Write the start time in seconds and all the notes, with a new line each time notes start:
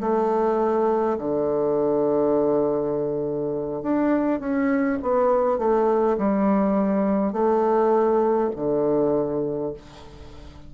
0.00 A3
1.18 D3
3.82 D4
4.40 C#4
5.02 B3
5.58 A3
6.18 G3
7.33 A3
8.56 D3